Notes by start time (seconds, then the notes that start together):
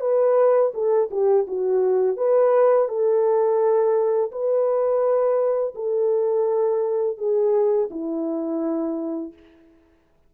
0.00 B4
0.74 A4
1.10 G4
1.47 F#4
2.17 B4
2.88 A4
4.31 B4
5.74 A4
7.18 G#4
7.90 E4